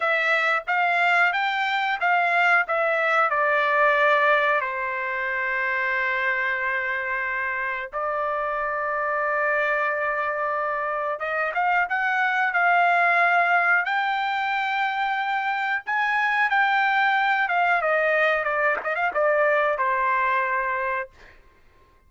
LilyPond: \new Staff \with { instrumentName = "trumpet" } { \time 4/4 \tempo 4 = 91 e''4 f''4 g''4 f''4 | e''4 d''2 c''4~ | c''1 | d''1~ |
d''4 dis''8 f''8 fis''4 f''4~ | f''4 g''2. | gis''4 g''4. f''8 dis''4 | d''8 dis''16 f''16 d''4 c''2 | }